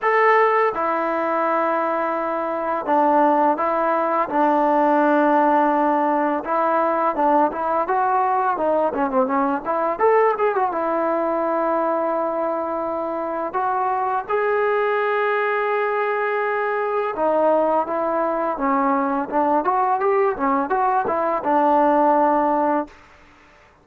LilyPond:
\new Staff \with { instrumentName = "trombone" } { \time 4/4 \tempo 4 = 84 a'4 e'2. | d'4 e'4 d'2~ | d'4 e'4 d'8 e'8 fis'4 | dis'8 cis'16 c'16 cis'8 e'8 a'8 gis'16 fis'16 e'4~ |
e'2. fis'4 | gis'1 | dis'4 e'4 cis'4 d'8 fis'8 | g'8 cis'8 fis'8 e'8 d'2 | }